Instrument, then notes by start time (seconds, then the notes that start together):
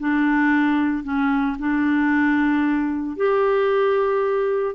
clarinet
0.00 D4
1.04 C#4
1.59 D4
3.16 G4